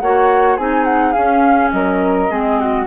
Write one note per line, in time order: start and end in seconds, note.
0.00 0.58 A#3
0.00 0.58 F#4
0.00 0.57 C#5
0.00 0.57 F#5
0.57 1.16 C4
0.57 1.15 D#4
0.57 1.71 G#4
0.57 0.84 G#5
0.84 1.12 F#5
1.12 2.29 C#4
1.12 1.73 C#4
1.12 1.69 F5
1.72 2.30 F#3
1.72 2.31 A#4
1.72 2.86 D#5
2.29 2.87 G#3
2.29 2.86 C4
2.29 2.60 G#4
2.60 2.87 F#4